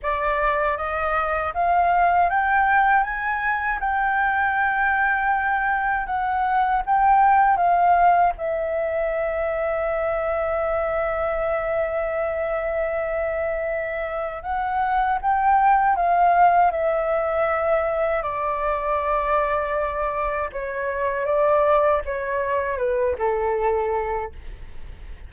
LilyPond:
\new Staff \with { instrumentName = "flute" } { \time 4/4 \tempo 4 = 79 d''4 dis''4 f''4 g''4 | gis''4 g''2. | fis''4 g''4 f''4 e''4~ | e''1~ |
e''2. fis''4 | g''4 f''4 e''2 | d''2. cis''4 | d''4 cis''4 b'8 a'4. | }